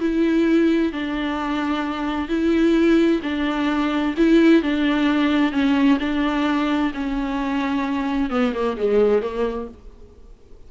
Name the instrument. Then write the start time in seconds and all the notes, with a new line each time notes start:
viola
0.00 E4
0.92 D4
2.28 E4
3.22 D4
4.17 E4
4.62 D4
5.52 C#4
6.00 D4
6.94 C#4
8.30 B3
8.54 A#3
8.77 G#3
9.22 A#3